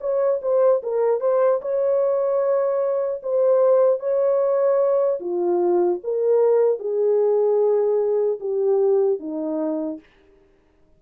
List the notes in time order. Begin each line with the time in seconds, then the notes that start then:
0.00 C#5
0.41 C5
0.82 A#4
1.20 C5
1.61 C#5
3.22 C5
3.99 C#5
5.20 F4
6.03 A#4
6.79 G#4
8.40 G4
9.19 D#4